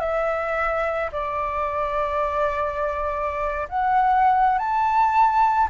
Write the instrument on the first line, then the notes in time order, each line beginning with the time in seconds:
flute
0.00 E5
1.12 D5
3.69 F#5
4.58 A5